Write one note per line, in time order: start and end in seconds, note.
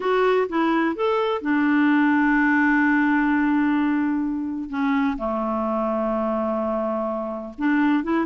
0.00 0.47 F#4
0.48 0.95 E4
0.95 1.41 A4
1.41 4.69 D4
4.69 5.16 C#4
5.17 7.53 A3
7.58 8.03 D4
8.03 8.25 E4